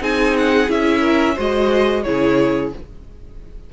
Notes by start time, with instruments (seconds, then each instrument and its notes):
0.00 cello C4, viola D#4, violin G#4 G#5
0.38 violin F#5
0.67 cello C#4, viola E4, violin E5
1.01 violin A#4
1.35 cello G#3, viola F#4, violin C5 D#5
2.03 cello C#3, viola E4, violin G#4 C#5